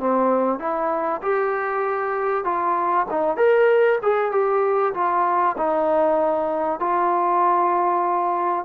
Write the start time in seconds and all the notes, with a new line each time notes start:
0.00 C4
0.60 E4
1.22 G4
2.45 F4
3.11 D#4
3.37 A#4
4.03 G#4
4.32 G4
4.94 F4
5.58 D#4
6.80 F4